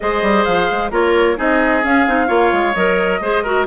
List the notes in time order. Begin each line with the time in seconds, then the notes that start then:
0.00 G#3 G#4 C5 D#5
0.22 G3
0.44 F3 F5
0.70 G#3
0.90 A#3 F4 A#4 C#5
1.37 C4 D#4 G#4 D#5
1.83 C#4 F5
2.07 C4 D#4
2.27 A#3 F4 C#5
2.52 G#3
2.74 F#3 A#4 D#5
3.20 G#3 G#4 C5
3.43 F#4 A#4